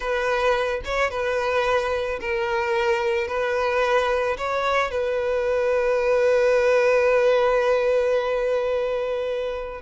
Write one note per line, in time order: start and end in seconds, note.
0.00 0.81 B4
0.84 1.10 C#5
1.10 2.19 B4
2.20 3.27 A#4
3.27 4.36 B4
4.37 4.90 C#5
4.90 9.81 B4